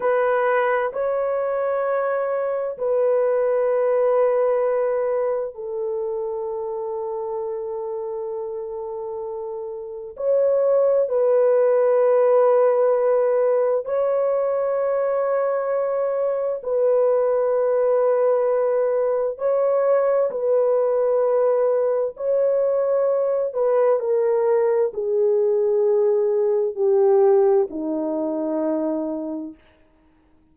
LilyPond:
\new Staff \with { instrumentName = "horn" } { \time 4/4 \tempo 4 = 65 b'4 cis''2 b'4~ | b'2 a'2~ | a'2. cis''4 | b'2. cis''4~ |
cis''2 b'2~ | b'4 cis''4 b'2 | cis''4. b'8 ais'4 gis'4~ | gis'4 g'4 dis'2 | }